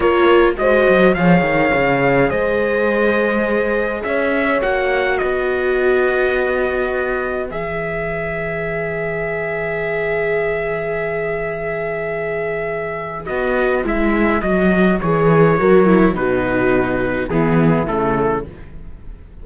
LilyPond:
<<
  \new Staff \with { instrumentName = "trumpet" } { \time 4/4 \tempo 4 = 104 cis''4 dis''4 f''2 | dis''2. e''4 | fis''4 dis''2.~ | dis''4 e''2.~ |
e''1~ | e''2. dis''4 | e''4 dis''4 cis''2 | b'2 gis'4 a'4 | }
  \new Staff \with { instrumentName = "horn" } { \time 4/4 ais'4 c''4 cis''2 | c''2. cis''4~ | cis''4 b'2.~ | b'1~ |
b'1~ | b'1~ | b'2. ais'4 | fis'2 e'2 | }
  \new Staff \with { instrumentName = "viola" } { \time 4/4 f'4 fis'4 gis'2~ | gis'1 | fis'1~ | fis'4 gis'2.~ |
gis'1~ | gis'2. fis'4 | e'4 fis'4 gis'4 fis'8 e'8 | dis'2 b4 a4 | }
  \new Staff \with { instrumentName = "cello" } { \time 4/4 ais4 gis8 fis8 f8 dis8 cis4 | gis2. cis'4 | ais4 b2.~ | b4 e2.~ |
e1~ | e2. b4 | gis4 fis4 e4 fis4 | b,2 e4 cis4 | }
>>